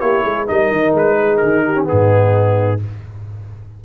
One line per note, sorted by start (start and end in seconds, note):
0.00 0.25 A#3
0.00 0.47 E4
0.00 0.23 G4
0.00 0.47 C#5
0.23 0.49 G#3
0.23 0.46 G#4
0.47 0.71 G3
0.47 1.75 D#4
0.47 1.19 A#4
0.47 0.95 D#5
0.71 0.94 D#3
0.94 1.41 G#3
0.94 1.38 B4
1.20 1.65 G#4
1.38 1.89 D#3
1.38 1.84 A#4
1.65 1.88 G4
1.75 1.84 C#4
1.84 2.77 B3
1.84 2.81 D#4
1.84 2.81 G#4
1.91 2.84 G#2